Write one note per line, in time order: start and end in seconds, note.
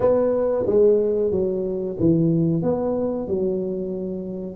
0.00 0.65 B3
0.66 1.31 G#3
1.31 1.96 F#3
1.99 2.62 E3
2.62 3.27 B3
3.27 4.56 F#3